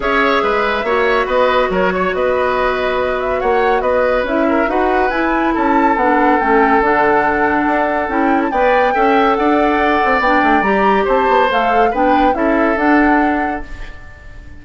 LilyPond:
<<
  \new Staff \with { instrumentName = "flute" } { \time 4/4 \tempo 4 = 141 e''2. dis''4 | cis''4 dis''2~ dis''8 e''8 | fis''4 dis''4 e''4 fis''4 | gis''4 a''4 fis''4 g''4 |
fis''2. g''8. a''16 | g''2 fis''2 | g''4 ais''4 a''4 f''4 | g''4 e''4 fis''2 | }
  \new Staff \with { instrumentName = "oboe" } { \time 4/4 cis''4 b'4 cis''4 b'4 | ais'8 cis''8 b'2. | cis''4 b'4. ais'8 b'4~ | b'4 a'2.~ |
a'1 | d''4 e''4 d''2~ | d''2 c''2 | b'4 a'2. | }
  \new Staff \with { instrumentName = "clarinet" } { \time 4/4 gis'2 fis'2~ | fis'1~ | fis'2 e'4 fis'4 | e'2 d'4 cis'4 |
d'2. e'4 | b'4 a'2. | d'4 g'2 a'4 | d'4 e'4 d'2 | }
  \new Staff \with { instrumentName = "bassoon" } { \time 4/4 cis'4 gis4 ais4 b4 | fis4 b2. | ais4 b4 cis'4 dis'4 | e'4 cis'4 b4 a4 |
d2 d'4 cis'4 | b4 cis'4 d'4. c'8 | b8 a8 g4 c'8 b8 a4 | b4 cis'4 d'2 | }
>>